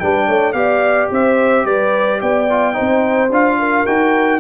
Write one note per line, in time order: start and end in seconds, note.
0.00 0.28 G3
0.00 0.55 D4
0.00 0.27 B4
0.00 0.53 G5
0.27 0.54 A3
0.27 0.54 C#5
0.53 1.09 B3
0.53 2.47 G4
0.53 1.12 D5
0.53 1.08 F5
1.11 1.65 C4
1.11 1.66 C5
1.11 1.66 E5
1.65 2.20 G3
1.65 2.21 B4
1.65 2.21 D5
2.21 2.77 B3
2.21 2.75 D5
2.21 3.32 G5
2.50 2.74 F4
2.74 3.29 D#4
2.74 3.58 C5
2.80 3.30 C4
3.30 3.85 D4
3.30 3.87 F4
3.30 3.86 F5
3.59 4.40 A#4
3.86 4.40 D#4
3.86 4.40 F#4
3.86 4.40 G5